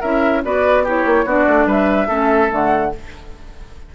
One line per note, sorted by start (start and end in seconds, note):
0.00 0.44 C#4
0.00 0.44 E4
0.00 0.41 A#4
0.00 0.42 E5
0.44 1.05 B3
0.44 0.85 F#4
0.44 0.83 B4
0.44 0.86 D5
0.83 1.26 E4
0.83 1.25 G4
0.83 1.28 C#5
1.05 1.24 A#3
1.24 1.45 B3
1.24 2.08 D4
1.24 1.66 F#4
1.24 1.69 D5
1.47 1.65 A3
1.65 2.06 G3
1.65 2.07 B4
1.65 2.52 E5
2.07 2.50 A3
2.07 2.49 C#4
2.07 2.90 A4
2.49 2.93 D3
2.49 2.90 A3
2.49 2.94 F#5